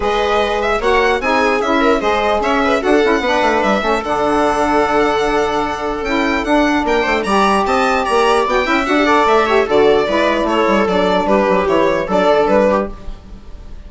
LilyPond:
<<
  \new Staff \with { instrumentName = "violin" } { \time 4/4 \tempo 4 = 149 dis''4. e''8 fis''4 gis''4 | e''4 dis''4 e''4 fis''4~ | fis''4 e''4 fis''2~ | fis''2. g''4 |
fis''4 g''4 ais''4 a''4 | ais''4 g''4 fis''4 e''4 | d''2 cis''4 d''4 | b'4 cis''4 d''4 b'4 | }
  \new Staff \with { instrumentName = "viola" } { \time 4/4 b'2 cis''4 gis'4~ | gis'8 ais'8 c''4 cis''8 b'8 a'4 | b'4. a'2~ a'8~ | a'1~ |
a'4 ais'8 c''8 d''4 dis''4 | d''4. e''4 d''4 cis''8 | a'4 b'4 a'2 | g'2 a'4. g'8 | }
  \new Staff \with { instrumentName = "saxophone" } { \time 4/4 gis'2 fis'4 dis'4 | e'4 gis'2 fis'8 e'8 | d'4. cis'8 d'2~ | d'2. e'4 |
d'2 g'2~ | g'4 fis'8 e'8 fis'16 g'16 a'4 g'8 | fis'4 e'2 d'4~ | d'4 e'4 d'2 | }
  \new Staff \with { instrumentName = "bassoon" } { \time 4/4 gis2 ais4 c'4 | cis'4 gis4 cis'4 d'8 cis'8 | b8 a8 g8 a8 d2~ | d2. cis'4 |
d'4 ais8 a8 g4 c'4 | ais4 b8 cis'8 d'4 a4 | d4 gis4 a8 g8 fis4 | g8 fis8 e4 fis8 d8 g4 | }
>>